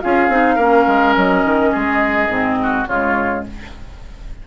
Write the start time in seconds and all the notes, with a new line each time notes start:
0.00 C#4 F4 G#4 F5
0.28 C4 D#4
0.55 A#3 C#4 A#4
0.87 G#3
1.16 F#3 D#5
1.44 D#3
1.72 G#3 G#4
2.28 G#2 C4
2.62 F#4
2.86 C#3 G#3 F4 C#5